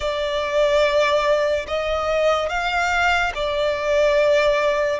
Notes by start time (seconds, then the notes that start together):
0.00 D5
1.67 D#5
2.48 F5
3.34 D5